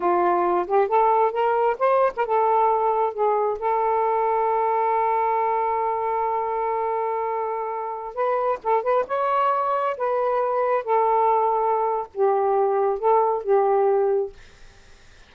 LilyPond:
\new Staff \with { instrumentName = "saxophone" } { \time 4/4 \tempo 4 = 134 f'4. g'8 a'4 ais'4 | c''8. ais'16 a'2 gis'4 | a'1~ | a'1~ |
a'2~ a'16 b'4 a'8 b'16~ | b'16 cis''2 b'4.~ b'16~ | b'16 a'2~ a'8. g'4~ | g'4 a'4 g'2 | }